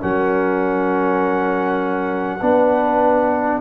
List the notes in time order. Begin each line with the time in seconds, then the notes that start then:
0.00 F#3 C#4 A#4 F#5
2.42 B3 D4 B4